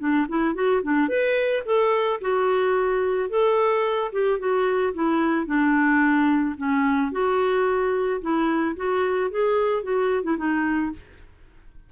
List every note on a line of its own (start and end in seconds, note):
0.00 0.27 D4
0.29 0.55 E4
0.55 0.82 F#4
0.83 1.09 D4
1.09 1.64 B4
1.66 2.21 A4
2.21 3.30 F#4
3.30 4.12 A4
4.13 4.40 G4
4.40 4.94 F#4
4.94 5.47 E4
5.47 6.56 D4
6.58 7.12 C#4
7.12 8.21 F#4
8.22 8.76 E4
8.77 9.31 F#4
9.31 9.84 G#4
9.84 10.24 F#4
10.24 10.38 E4
10.38 10.93 D#4